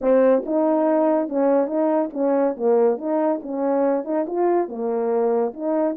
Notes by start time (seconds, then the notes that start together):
0.01 C4
0.45 D#4
1.28 C#4
1.67 D#4
2.13 C#4
2.56 A#3
2.97 D#4
3.42 C#4
4.04 D#4
4.26 F4
4.68 A#3
5.53 D#4